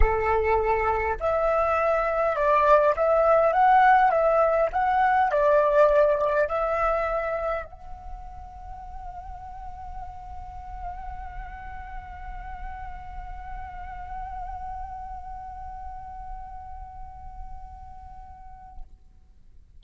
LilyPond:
\new Staff \with { instrumentName = "flute" } { \time 4/4 \tempo 4 = 102 a'2 e''2 | d''4 e''4 fis''4 e''4 | fis''4 d''2 e''4~ | e''4 fis''2.~ |
fis''1~ | fis''1~ | fis''1~ | fis''1 | }